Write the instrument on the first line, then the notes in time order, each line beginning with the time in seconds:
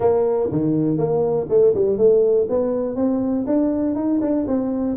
tuba
0.00 A#3
0.51 D#3
0.97 A#3
1.49 A3
1.74 G3
1.97 A3
2.49 B3
2.95 C4
3.46 D4
3.95 D#4
4.21 D4
4.47 C4